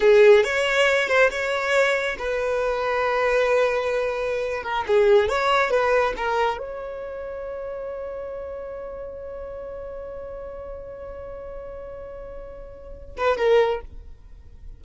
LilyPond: \new Staff \with { instrumentName = "violin" } { \time 4/4 \tempo 4 = 139 gis'4 cis''4. c''8 cis''4~ | cis''4 b'2.~ | b'2~ b'8. ais'8 gis'8.~ | gis'16 cis''4 b'4 ais'4 cis''8.~ |
cis''1~ | cis''1~ | cis''1~ | cis''2~ cis''8 b'8 ais'4 | }